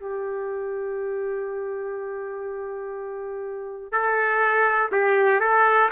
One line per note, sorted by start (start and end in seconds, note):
0.00 3.92 G4
3.92 4.90 A4
4.92 5.41 G4
5.41 5.90 A4